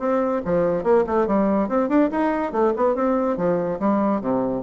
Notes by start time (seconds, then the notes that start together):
0.00 C4
0.46 F3
0.84 A#3
1.07 A3
1.27 G3
1.69 C4
1.89 D4
2.12 D#4
2.53 A3
2.77 B3
2.95 C4
3.38 F3
3.80 G3
4.21 C3